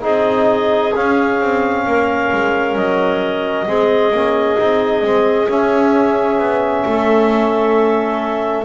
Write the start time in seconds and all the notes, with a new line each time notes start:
0.00 C4 D#4 G#4 D#5
0.95 C#4 F5
1.40 C4
1.86 A#3 A#4
2.33 G#3
2.75 F#3 D#5
3.67 G#3 C4 G#4
4.11 A#3 C#4
4.58 C4 D#4
5.02 G#3 C4
5.48 C#4 E5
6.38 B3
6.85 A3 A4